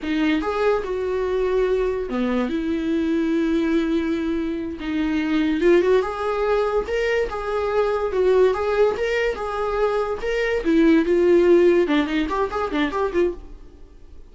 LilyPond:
\new Staff \with { instrumentName = "viola" } { \time 4/4 \tempo 4 = 144 dis'4 gis'4 fis'2~ | fis'4 b4 e'2~ | e'2.~ e'8 dis'8~ | dis'4. f'8 fis'8 gis'4.~ |
gis'8 ais'4 gis'2 fis'8~ | fis'8 gis'4 ais'4 gis'4.~ | gis'8 ais'4 e'4 f'4.~ | f'8 d'8 dis'8 g'8 gis'8 d'8 g'8 f'8 | }